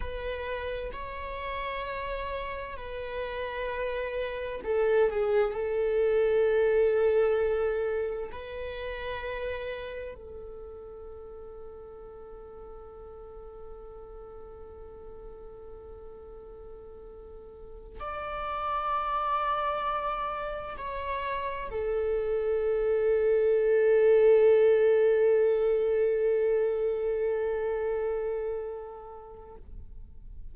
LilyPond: \new Staff \with { instrumentName = "viola" } { \time 4/4 \tempo 4 = 65 b'4 cis''2 b'4~ | b'4 a'8 gis'8 a'2~ | a'4 b'2 a'4~ | a'1~ |
a'2.~ a'8 d''8~ | d''2~ d''8 cis''4 a'8~ | a'1~ | a'1 | }